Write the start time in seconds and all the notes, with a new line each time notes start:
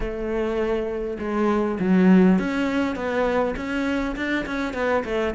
0.00 A3
1.19 G#3
1.79 F#3
2.38 C#4
2.95 B3
3.56 C#4
4.16 D4
4.46 C#4
4.73 B3
5.04 A3